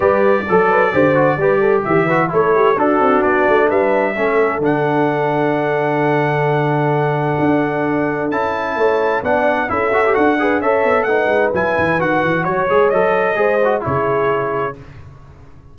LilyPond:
<<
  \new Staff \with { instrumentName = "trumpet" } { \time 4/4 \tempo 4 = 130 d''1 | e''4 cis''4 a'4 d''4 | e''2 fis''2~ | fis''1~ |
fis''2 a''2 | fis''4 e''4 fis''4 e''4 | fis''4 gis''4 fis''4 cis''4 | dis''2 cis''2 | }
  \new Staff \with { instrumentName = "horn" } { \time 4/4 b'4 a'8 b'8 c''4 b'8 a'8 | g'8 b'8 a'8 g'8 fis'2 | b'4 a'2.~ | a'1~ |
a'2. cis''4 | d''4 a'4. b'8 cis''4 | b'2. cis''4~ | cis''4 c''4 gis'2 | }
  \new Staff \with { instrumentName = "trombone" } { \time 4/4 g'4 a'4 g'8 fis'8 g'4~ | g'8 fis'8 e'4 d'2~ | d'4 cis'4 d'2~ | d'1~ |
d'2 e'2 | d'4 e'8 fis'16 g'16 fis'8 gis'8 a'4 | dis'4 e'4 fis'4. gis'8 | a'4 gis'8 fis'8 e'2 | }
  \new Staff \with { instrumentName = "tuba" } { \time 4/4 g4 fis4 d4 g4 | e4 a4 d'8 c'8 b8 a8 | g4 a4 d2~ | d1 |
d'2 cis'4 a4 | b4 cis'4 d'4 cis'8 b8 | a8 gis8 fis8 e8 dis8 e8 fis8 gis8 | fis4 gis4 cis2 | }
>>